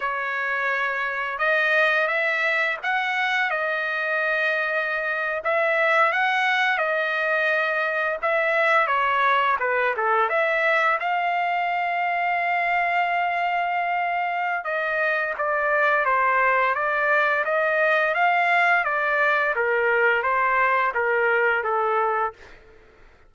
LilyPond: \new Staff \with { instrumentName = "trumpet" } { \time 4/4 \tempo 4 = 86 cis''2 dis''4 e''4 | fis''4 dis''2~ dis''8. e''16~ | e''8. fis''4 dis''2 e''16~ | e''8. cis''4 b'8 a'8 e''4 f''16~ |
f''1~ | f''4 dis''4 d''4 c''4 | d''4 dis''4 f''4 d''4 | ais'4 c''4 ais'4 a'4 | }